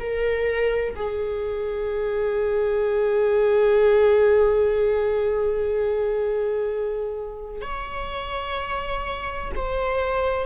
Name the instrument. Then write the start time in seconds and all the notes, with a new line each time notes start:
viola
0.00 A#4
0.96 G#4
7.62 C#5
9.56 C5